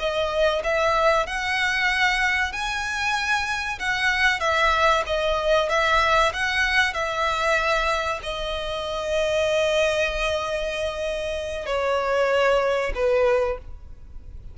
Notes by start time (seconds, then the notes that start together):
0.00 D#5
0.64 E5
1.27 F#5
2.53 G#5
3.80 F#5
4.40 E5
5.07 D#5
5.70 E5
6.34 F#5
6.94 E5
8.23 D#5
11.66 C#5
12.95 B4